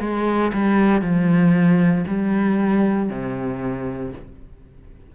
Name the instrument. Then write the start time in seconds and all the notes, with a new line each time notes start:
cello
0.00 G#3
0.54 G3
1.01 F3
2.07 G3
3.09 C3